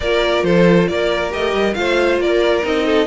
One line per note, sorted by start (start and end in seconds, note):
0.00 0.43 A#3
0.00 1.30 F4
0.00 0.45 A#4
0.00 0.44 D5
0.43 0.87 F3
0.43 0.89 A4
0.43 0.87 C5
0.88 1.33 A#3
0.88 1.77 A#4
0.88 1.31 D5
1.30 1.53 A3
1.30 1.73 G4
1.30 1.74 D#5
1.53 1.75 G3
1.74 2.18 A3
1.74 2.62 F4
1.74 2.22 C5
1.74 2.18 F5
2.18 2.62 A#3
2.18 2.85 A#4
2.18 2.65 D5
2.62 3.07 C4
2.62 3.06 D#4
2.62 3.07 D#5
2.85 3.07 A4